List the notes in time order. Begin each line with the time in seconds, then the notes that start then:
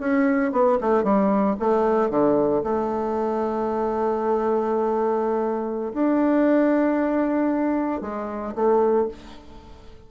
0.00 C#4
0.52 B3
0.81 A3
1.04 G3
1.60 A3
2.10 D3
2.64 A3
5.94 D4
8.01 G#3
8.56 A3